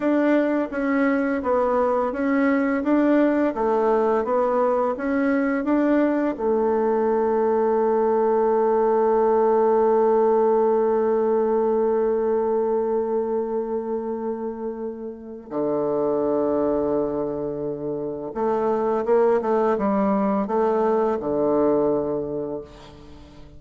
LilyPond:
\new Staff \with { instrumentName = "bassoon" } { \time 4/4 \tempo 4 = 85 d'4 cis'4 b4 cis'4 | d'4 a4 b4 cis'4 | d'4 a2.~ | a1~ |
a1~ | a2 d2~ | d2 a4 ais8 a8 | g4 a4 d2 | }